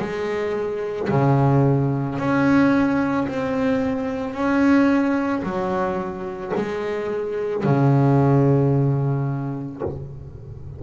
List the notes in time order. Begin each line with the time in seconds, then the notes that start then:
0.00 G#3
1.10 C#3
2.19 C#4
3.28 C4
4.34 C#4
5.43 F#3
6.56 G#3
7.64 C#3